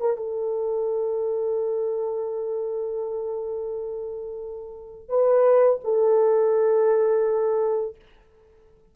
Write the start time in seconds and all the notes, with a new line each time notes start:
0.00 A#4
0.17 A4
5.09 B4
5.84 A4